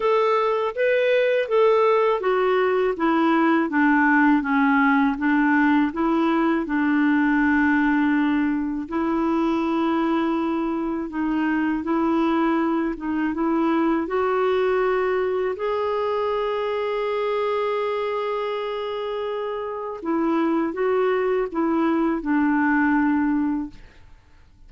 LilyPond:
\new Staff \with { instrumentName = "clarinet" } { \time 4/4 \tempo 4 = 81 a'4 b'4 a'4 fis'4 | e'4 d'4 cis'4 d'4 | e'4 d'2. | e'2. dis'4 |
e'4. dis'8 e'4 fis'4~ | fis'4 gis'2.~ | gis'2. e'4 | fis'4 e'4 d'2 | }